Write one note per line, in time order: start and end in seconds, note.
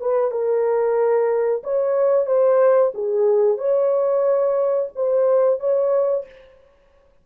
0.00 0.31 B4
0.31 1.62 A#4
1.63 2.26 C#5
2.26 2.92 C5
2.94 3.58 G#4
3.58 4.89 C#5
4.95 5.59 C5
5.59 6.25 C#5